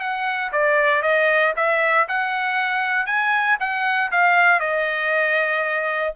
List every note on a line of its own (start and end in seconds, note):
0.00 0.51 F#5
0.52 1.02 D5
1.02 1.54 D#5
1.56 2.07 E5
2.08 3.06 F#5
3.06 3.57 G#5
3.60 4.11 F#5
4.11 4.60 F5
4.60 6.14 D#5